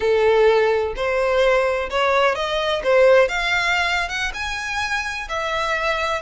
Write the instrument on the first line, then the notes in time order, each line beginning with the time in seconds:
violin
0.00 A4
0.95 C5
1.89 C#5
2.35 D#5
2.83 C5
3.28 F5
4.08 F#5
4.34 G#5
5.28 E5